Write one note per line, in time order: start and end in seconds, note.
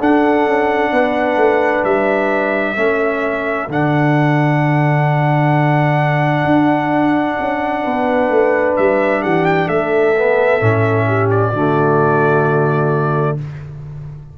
0.00 2.77 D4
0.00 0.47 D4
0.00 0.92 A4
0.00 1.85 F#5
0.47 0.92 C#4
0.92 1.37 B3
0.92 2.76 B4
1.37 1.83 A3
1.84 2.77 G3
1.84 3.70 E5
2.76 3.69 A3
2.76 3.69 C#4
2.76 7.84 A4
3.69 6.45 D3
3.69 10.15 D4
3.69 8.77 F#5
6.45 7.38 D4
7.40 7.86 C#4
7.84 8.30 B3
7.84 9.22 B4
8.30 8.76 A3
8.77 9.25 G3
8.77 9.23 E5
9.22 9.69 E3
9.22 9.67 G4
9.22 9.46 F#5
9.46 9.69 G5
9.67 10.62 A3
9.67 11.05 A4
9.67 11.30 E5
10.16 10.61 B3
10.61 11.53 A2
10.61 11.53 C#4
11.08 11.51 G4
11.31 13.38 D5
11.51 13.38 D3
11.51 13.38 A3
11.51 13.36 F#4